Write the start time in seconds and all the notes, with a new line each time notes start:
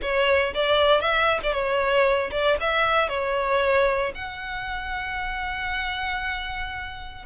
0.02 C#5
0.54 D5
1.00 E5
1.43 D5
1.53 C#5
2.31 D5
2.60 E5
3.08 C#5
4.14 F#5